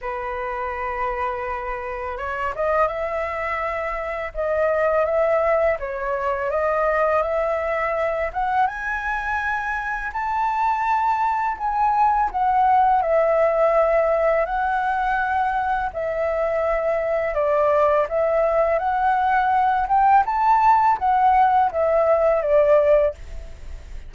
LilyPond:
\new Staff \with { instrumentName = "flute" } { \time 4/4 \tempo 4 = 83 b'2. cis''8 dis''8 | e''2 dis''4 e''4 | cis''4 dis''4 e''4. fis''8 | gis''2 a''2 |
gis''4 fis''4 e''2 | fis''2 e''2 | d''4 e''4 fis''4. g''8 | a''4 fis''4 e''4 d''4 | }